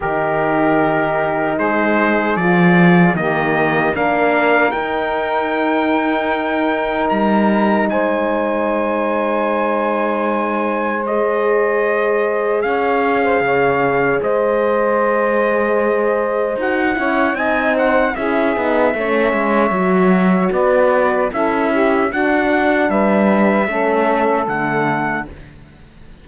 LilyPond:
<<
  \new Staff \with { instrumentName = "trumpet" } { \time 4/4 \tempo 4 = 76 ais'2 c''4 d''4 | dis''4 f''4 g''2~ | g''4 ais''4 gis''2~ | gis''2 dis''2 |
f''2 dis''2~ | dis''4 fis''4 gis''8 fis''8 e''4~ | e''2 d''4 e''4 | fis''4 e''2 fis''4 | }
  \new Staff \with { instrumentName = "saxophone" } { \time 4/4 g'2 gis'2 | g'4 ais'2.~ | ais'2 c''2~ | c''1 |
cis''8. c''16 cis''4 c''2~ | c''4. cis''8 dis''8 c''8 gis'4 | cis''2 b'4 a'8 g'8 | fis'4 b'4 a'2 | }
  \new Staff \with { instrumentName = "horn" } { \time 4/4 dis'2. f'4 | ais4 d'4 dis'2~ | dis'1~ | dis'2 gis'2~ |
gis'1~ | gis'4 fis'8 e'8 dis'4 e'8 dis'8 | cis'4 fis'2 e'4 | d'2 cis'4 a4 | }
  \new Staff \with { instrumentName = "cello" } { \time 4/4 dis2 gis4 f4 | dis4 ais4 dis'2~ | dis'4 g4 gis2~ | gis1 |
cis'4 cis4 gis2~ | gis4 dis'8 cis'8 c'4 cis'8 b8 | a8 gis8 fis4 b4 cis'4 | d'4 g4 a4 d4 | }
>>